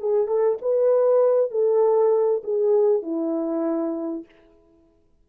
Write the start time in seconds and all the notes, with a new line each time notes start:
0.00 G#4
0.28 A4
0.62 B4
1.51 A4
2.44 G#4
3.03 E4